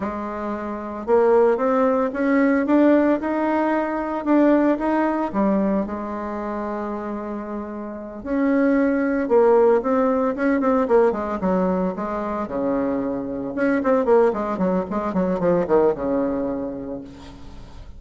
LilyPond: \new Staff \with { instrumentName = "bassoon" } { \time 4/4 \tempo 4 = 113 gis2 ais4 c'4 | cis'4 d'4 dis'2 | d'4 dis'4 g4 gis4~ | gis2.~ gis8 cis'8~ |
cis'4. ais4 c'4 cis'8 | c'8 ais8 gis8 fis4 gis4 cis8~ | cis4. cis'8 c'8 ais8 gis8 fis8 | gis8 fis8 f8 dis8 cis2 | }